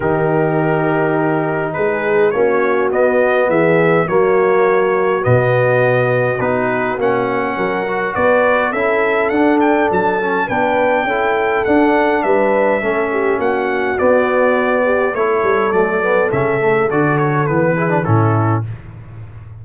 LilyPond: <<
  \new Staff \with { instrumentName = "trumpet" } { \time 4/4 \tempo 4 = 103 ais'2. b'4 | cis''4 dis''4 e''4 cis''4~ | cis''4 dis''2 b'4 | fis''2 d''4 e''4 |
fis''8 g''8 a''4 g''2 | fis''4 e''2 fis''4 | d''2 cis''4 d''4 | e''4 d''8 cis''8 b'4 a'4 | }
  \new Staff \with { instrumentName = "horn" } { \time 4/4 g'2. gis'4 | fis'2 gis'4 fis'4~ | fis'1~ | fis'4 ais'4 b'4 a'4~ |
a'2 b'4 a'4~ | a'4 b'4 a'8 g'8 fis'4~ | fis'4. g'8 a'2~ | a'2~ a'8 gis'8 e'4 | }
  \new Staff \with { instrumentName = "trombone" } { \time 4/4 dis'1 | cis'4 b2 ais4~ | ais4 b2 dis'4 | cis'4. fis'4. e'4 |
d'4. cis'8 d'4 e'4 | d'2 cis'2 | b2 e'4 a8 b8 | cis'8 a8 fis'4 b8 e'16 d'16 cis'4 | }
  \new Staff \with { instrumentName = "tuba" } { \time 4/4 dis2. gis4 | ais4 b4 e4 fis4~ | fis4 b,2 b4 | ais4 fis4 b4 cis'4 |
d'4 fis4 b4 cis'4 | d'4 g4 a4 ais4 | b2 a8 g8 fis4 | cis4 d4 e4 a,4 | }
>>